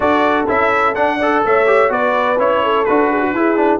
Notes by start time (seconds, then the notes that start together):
0.00 D4 F#4 A4 D5
0.47 C#4 E4 E5
0.94 D4 F#5
1.17 A4 D5
1.44 A3 C#5 E5
1.65 G4
1.88 B3 F#4 B4 D5
2.38 C#4 E4 C#5
2.63 A4
2.84 D4 F#4 B4
3.10 G#4
3.21 F#4
3.33 E4 G#4
3.56 D4